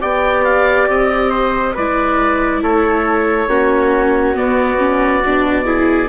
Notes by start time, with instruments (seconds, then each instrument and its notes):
0.00 bassoon B3, viola G4, trumpet D5, oboe G5
0.44 oboe F5
0.88 bassoon C4, oboe D#5
1.30 trumpet C5
1.74 bassoon G#3, viola E4, trumpet B4, oboe D5
2.63 bassoon A3, trumpet A4, oboe C#5
3.48 bassoon A#3, viola C#4, trumpet F#4
4.35 viola B3, bassoon B3, oboe D5
4.78 viola C#4
5.24 bassoon B2, viola D4
5.65 viola E4, trumpet G#4